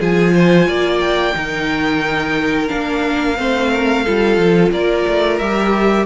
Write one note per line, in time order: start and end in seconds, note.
0.00 0.68 F3
0.00 1.33 F4
0.00 0.34 G#4
0.00 1.00 G#5
0.34 0.68 C5
0.68 1.35 A#3
0.68 1.36 D5
1.00 2.69 G5
1.33 2.71 D#3
1.33 2.68 D#4
1.33 3.38 A#4
2.68 3.39 A#3
2.68 3.36 D4
2.68 4.71 F5
3.37 4.07 A3
3.37 4.05 C4
3.37 3.71 C5
3.72 4.05 A#4
4.05 4.37 G3
4.05 5.42 F4
4.05 4.72 A4
4.37 4.71 F3
4.72 5.05 A#3
4.72 6.06 A#4
4.72 5.39 D5
5.08 5.40 A3
5.39 6.06 G3
5.39 6.06 G4
5.39 6.06 E5